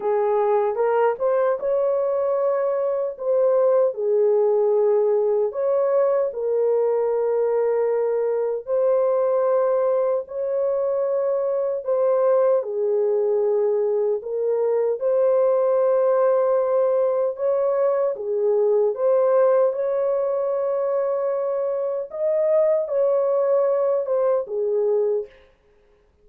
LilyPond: \new Staff \with { instrumentName = "horn" } { \time 4/4 \tempo 4 = 76 gis'4 ais'8 c''8 cis''2 | c''4 gis'2 cis''4 | ais'2. c''4~ | c''4 cis''2 c''4 |
gis'2 ais'4 c''4~ | c''2 cis''4 gis'4 | c''4 cis''2. | dis''4 cis''4. c''8 gis'4 | }